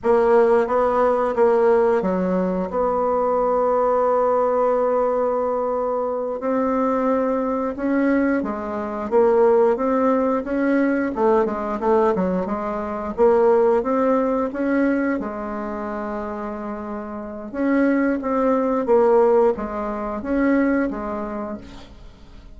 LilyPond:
\new Staff \with { instrumentName = "bassoon" } { \time 4/4 \tempo 4 = 89 ais4 b4 ais4 fis4 | b1~ | b4. c'2 cis'8~ | cis'8 gis4 ais4 c'4 cis'8~ |
cis'8 a8 gis8 a8 fis8 gis4 ais8~ | ais8 c'4 cis'4 gis4.~ | gis2 cis'4 c'4 | ais4 gis4 cis'4 gis4 | }